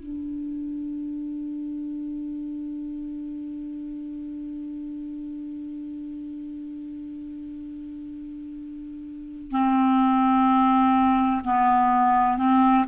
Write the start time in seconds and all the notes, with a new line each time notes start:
0.00 D4
9.52 C4
11.45 B3
12.38 C4